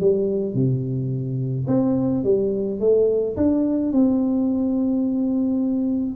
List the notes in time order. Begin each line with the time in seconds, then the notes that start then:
0.00 G3
0.54 C3
1.67 C4
2.24 G3
2.80 A3
3.36 D4
3.92 C4